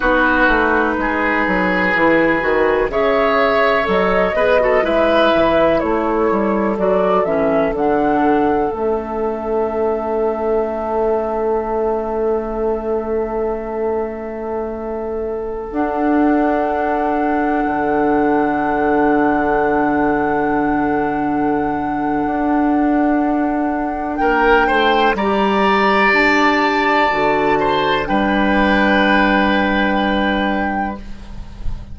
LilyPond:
<<
  \new Staff \with { instrumentName = "flute" } { \time 4/4 \tempo 4 = 62 b'2. e''4 | dis''4 e''4 cis''4 d''8 e''8 | fis''4 e''2.~ | e''1~ |
e''16 fis''2.~ fis''8.~ | fis''1~ | fis''4 g''4 ais''4 a''4~ | a''4 g''2. | }
  \new Staff \with { instrumentName = "oboe" } { \time 4/4 fis'4 gis'2 cis''4~ | cis''8 b'16 a'16 b'4 a'2~ | a'1~ | a'1~ |
a'1~ | a'1~ | a'4 ais'8 c''8 d''2~ | d''8 c''8 b'2. | }
  \new Staff \with { instrumentName = "clarinet" } { \time 4/4 dis'2 e'8 fis'8 gis'4 | a'8 gis'16 fis'16 e'2 fis'8 cis'8 | d'4 cis'2.~ | cis'1~ |
cis'16 d'2.~ d'8.~ | d'1~ | d'2 g'2 | fis'4 d'2. | }
  \new Staff \with { instrumentName = "bassoon" } { \time 4/4 b8 a8 gis8 fis8 e8 dis8 cis4 | fis8 b8 gis8 e8 a8 g8 fis8 e8 | d4 a2.~ | a1~ |
a16 d'2 d4.~ d16~ | d2. d'4~ | d'4 ais8 a8 g4 d'4 | d4 g2. | }
>>